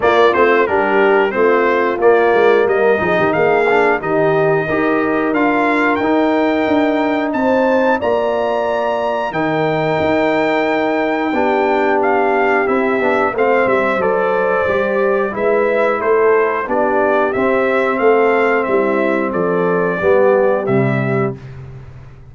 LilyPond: <<
  \new Staff \with { instrumentName = "trumpet" } { \time 4/4 \tempo 4 = 90 d''8 c''8 ais'4 c''4 d''4 | dis''4 f''4 dis''2 | f''4 g''2 a''4 | ais''2 g''2~ |
g''2 f''4 e''4 | f''8 e''8 d''2 e''4 | c''4 d''4 e''4 f''4 | e''4 d''2 e''4 | }
  \new Staff \with { instrumentName = "horn" } { \time 4/4 f'4 g'4 f'2 | ais'8 gis'16 g'16 gis'4 g'4 ais'4~ | ais'2. c''4 | d''2 ais'2~ |
ais'4 g'2. | c''2. b'4 | a'4 g'2 a'4 | e'4 a'4 g'2 | }
  \new Staff \with { instrumentName = "trombone" } { \time 4/4 ais8 c'8 d'4 c'4 ais4~ | ais8 dis'4 d'8 dis'4 g'4 | f'4 dis'2. | f'2 dis'2~ |
dis'4 d'2 e'8 d'8 | c'4 a'4 g'4 e'4~ | e'4 d'4 c'2~ | c'2 b4 g4 | }
  \new Staff \with { instrumentName = "tuba" } { \time 4/4 ais8 a8 g4 a4 ais8 gis8 | g8 f16 dis16 ais4 dis4 dis'4 | d'4 dis'4 d'4 c'4 | ais2 dis4 dis'4~ |
dis'4 b2 c'8 b8 | a8 g8 fis4 g4 gis4 | a4 b4 c'4 a4 | g4 f4 g4 c4 | }
>>